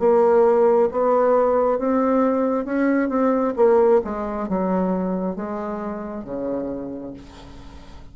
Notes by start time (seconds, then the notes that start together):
0.00 A#3
0.92 B3
1.79 C4
2.65 C#4
3.10 C4
3.57 A#3
4.05 G#3
4.49 F#3
5.36 G#3
6.24 C#3